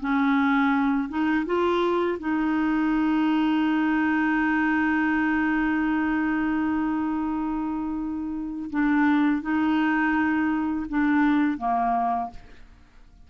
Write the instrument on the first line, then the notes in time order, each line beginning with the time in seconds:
clarinet
0.00 C#4
1.09 D#4
1.46 F4
2.19 D#4
8.70 D4
9.42 D#4
10.89 D4
11.58 A#3